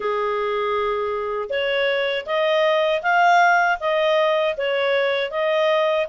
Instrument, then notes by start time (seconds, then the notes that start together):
clarinet
0.00 G#4
1.49 C#5
2.26 D#5
3.02 F5
3.79 D#5
4.57 C#5
5.30 D#5